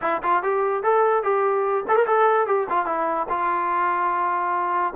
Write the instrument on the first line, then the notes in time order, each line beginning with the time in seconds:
trombone
0.01 E4
0.22 F4
0.42 G4
0.83 A4
1.23 G4
1.87 A4
1.95 A#4
2.06 A4
2.46 G4
2.69 F4
2.85 E4
3.29 F4